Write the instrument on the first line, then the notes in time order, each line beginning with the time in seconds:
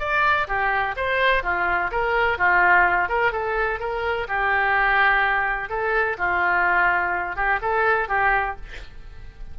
oboe
0.00 D5
0.48 G4
0.97 C5
1.44 F4
1.92 A#4
2.39 F4
3.09 A#4
3.33 A4
3.80 A#4
4.29 G4
5.70 A4
6.19 F4
7.36 G4
7.62 A4
8.09 G4